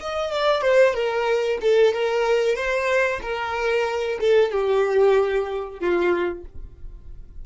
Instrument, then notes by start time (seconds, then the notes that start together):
violin
0.00 D#5
0.32 D5
0.62 C5
0.94 A#4
1.61 A4
1.94 A#4
2.56 C5
3.22 A#4
4.21 A4
4.52 G4
5.80 F4